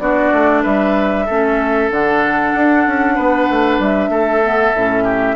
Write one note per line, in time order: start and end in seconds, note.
0.00 0.32 B3
0.00 1.27 D4
0.00 0.63 F#4
0.00 0.63 D5
0.33 0.65 A3
0.63 1.29 G3
0.63 1.26 B4
0.63 1.91 E5
1.26 1.91 A3
1.26 1.91 C#4
1.26 3.15 A4
1.91 2.54 D3
1.91 4.43 D4
1.91 3.82 F#5
2.55 2.87 D4
2.87 3.18 C#4
3.16 3.50 B3
3.16 4.10 B4
3.50 3.79 A3
3.79 4.10 G3
3.79 5.36 E5
4.10 4.73 A3
4.10 5.04 A4
4.43 4.75 B3
4.76 5.36 A2
4.76 5.36 C#4
5.04 5.36 G4